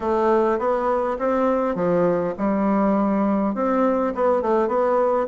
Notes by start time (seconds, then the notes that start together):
0.00 A3
0.59 B3
1.18 C4
1.75 F3
2.37 G3
3.55 C4
4.15 B3
4.42 A3
4.67 B3